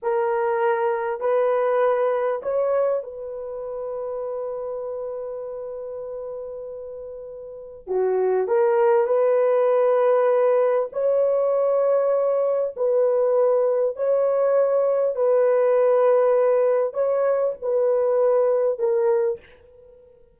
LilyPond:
\new Staff \with { instrumentName = "horn" } { \time 4/4 \tempo 4 = 99 ais'2 b'2 | cis''4 b'2.~ | b'1~ | b'4 fis'4 ais'4 b'4~ |
b'2 cis''2~ | cis''4 b'2 cis''4~ | cis''4 b'2. | cis''4 b'2 ais'4 | }